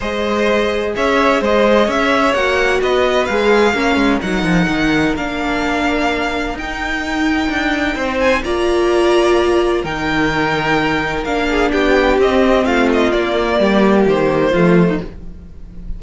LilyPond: <<
  \new Staff \with { instrumentName = "violin" } { \time 4/4 \tempo 4 = 128 dis''2 e''4 dis''4 | e''4 fis''4 dis''4 f''4~ | f''4 fis''2 f''4~ | f''2 g''2~ |
g''4. gis''8 ais''2~ | ais''4 g''2. | f''4 g''4 dis''4 f''8 dis''8 | d''2 c''2 | }
  \new Staff \with { instrumentName = "violin" } { \time 4/4 c''2 cis''4 c''4 | cis''2 b'2 | ais'1~ | ais'1~ |
ais'4 c''4 d''2~ | d''4 ais'2.~ | ais'8 gis'8 g'2 f'4~ | f'4 g'2 f'8. dis'16 | }
  \new Staff \with { instrumentName = "viola" } { \time 4/4 gis'1~ | gis'4 fis'2 gis'4 | cis'4 dis'2 d'4~ | d'2 dis'2~ |
dis'2 f'2~ | f'4 dis'2. | d'2 c'2 | ais2. a4 | }
  \new Staff \with { instrumentName = "cello" } { \time 4/4 gis2 cis'4 gis4 | cis'4 ais4 b4 gis4 | ais8 gis8 fis8 f8 dis4 ais4~ | ais2 dis'2 |
d'4 c'4 ais2~ | ais4 dis2. | ais4 b4 c'4 a4 | ais4 g4 dis4 f4 | }
>>